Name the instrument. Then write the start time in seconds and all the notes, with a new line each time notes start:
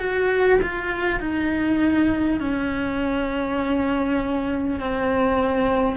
cello
0.00 F#4
0.62 F4
1.21 D#4
2.41 C#4
4.80 C4